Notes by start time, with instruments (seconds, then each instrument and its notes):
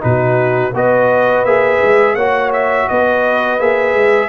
0.00 tuba B2, trombone D#4, trumpet B4
0.06 horn F#4
0.74 tuba B3, trombone F#4, horn B4, trumpet D#5
1.44 tuba A#3, trombone G#4, trumpet E5
1.83 tuba G#3
2.15 tuba A#3, trombone F#4, horn C#5, trumpet F#5
2.53 trumpet E5
2.89 tuba B3, horn B4, trumpet D#5
3.60 tuba A#3, trombone G#4, trumpet E5
3.94 tuba G#3